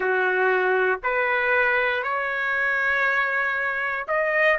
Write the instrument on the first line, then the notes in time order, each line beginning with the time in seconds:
trumpet
0.00 F#4
1.03 B4
2.03 C#5
4.07 D#5